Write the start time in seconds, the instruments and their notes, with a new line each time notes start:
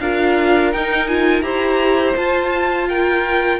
0.00 cello D4, viola F4, violin A#4 F5
0.72 cello D#4, viola D#4, violin G5
1.08 viola F4, violin G#5
1.41 cello E4, viola G4, violin C5 A#5
2.16 viola F4, cello F4, violin A5
2.89 violin A#4 G5